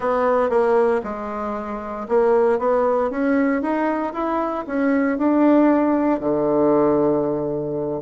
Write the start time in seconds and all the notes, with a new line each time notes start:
0.00 B3
0.49 A#3
1.03 G#3
2.08 A#3
2.58 B3
3.10 C#4
3.62 D#4
4.13 E4
4.66 C#4
5.17 D4
6.20 D3